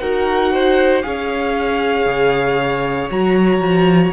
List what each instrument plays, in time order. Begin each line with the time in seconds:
0.00 cello D#4, viola F#4, violin A#4 F#5
0.53 violin C5
1.03 cello C#4, viola G#4, violin C#5 F5
2.06 cello C#3
3.11 cello F#3, viola F#4, violin A#5
3.60 cello F3